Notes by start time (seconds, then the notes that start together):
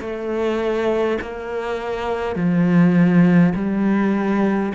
0.00 A3
1.21 A#3
2.35 F3
3.55 G3